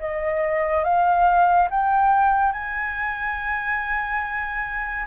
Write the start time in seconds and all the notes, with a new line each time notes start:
0.00 D#5
0.85 F5
1.71 G5
2.53 G#5